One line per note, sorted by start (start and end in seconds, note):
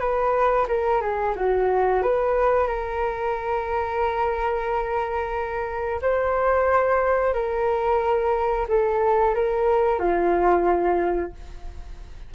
0.00 0.67 B4
0.68 1.02 A#4
1.02 1.35 G#4
1.36 2.02 F#4
2.02 2.67 B4
2.67 6.01 A#4
6.02 7.34 C5
7.34 8.67 A#4
8.69 9.35 A4
9.35 9.99 A#4
9.99 11.32 F4